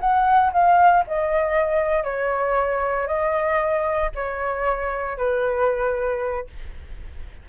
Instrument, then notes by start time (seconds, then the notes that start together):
flute
0.00 F#5
0.52 F5
1.07 D#5
2.04 C#5
3.07 D#5
4.15 C#5
5.17 B4